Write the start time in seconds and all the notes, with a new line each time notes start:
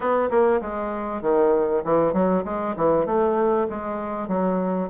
0.00 B3
0.30 A#3
0.61 G#3
1.21 D#3
1.84 E3
2.13 F#3
2.44 G#3
2.76 E3
3.06 A3
3.69 G#3
4.27 F#3